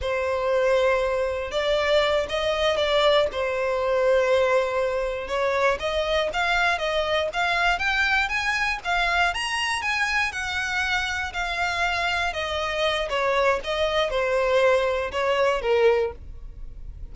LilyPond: \new Staff \with { instrumentName = "violin" } { \time 4/4 \tempo 4 = 119 c''2. d''4~ | d''8 dis''4 d''4 c''4.~ | c''2~ c''8 cis''4 dis''8~ | dis''8 f''4 dis''4 f''4 g''8~ |
g''8 gis''4 f''4 ais''4 gis''8~ | gis''8 fis''2 f''4.~ | f''8 dis''4. cis''4 dis''4 | c''2 cis''4 ais'4 | }